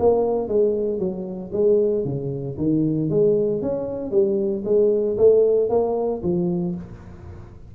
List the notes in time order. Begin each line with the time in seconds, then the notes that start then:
0.00 A#3
0.49 G#3
0.99 F#3
1.53 G#3
2.05 C#3
2.58 D#3
3.10 G#3
3.62 C#4
4.11 G3
4.65 G#3
5.18 A3
5.70 A#3
6.23 F3